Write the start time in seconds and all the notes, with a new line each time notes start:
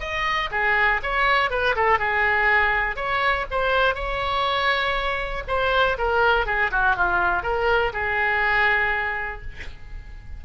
0.00 D#5
0.51 G#4
1.03 C#5
1.51 B4
1.76 A4
1.99 G#4
2.96 C#5
3.51 C5
3.95 C#5
5.48 C5
5.98 A#4
6.46 G#4
6.71 F#4
6.96 F4
7.43 A#4
7.93 G#4